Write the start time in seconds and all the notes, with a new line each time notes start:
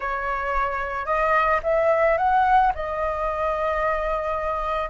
0.00 C#5
1.05 D#5
1.63 E5
2.17 F#5
2.74 D#5